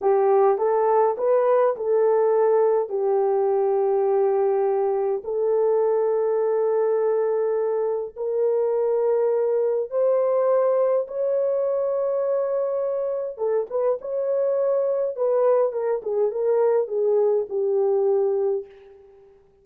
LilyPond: \new Staff \with { instrumentName = "horn" } { \time 4/4 \tempo 4 = 103 g'4 a'4 b'4 a'4~ | a'4 g'2.~ | g'4 a'2.~ | a'2 ais'2~ |
ais'4 c''2 cis''4~ | cis''2. a'8 b'8 | cis''2 b'4 ais'8 gis'8 | ais'4 gis'4 g'2 | }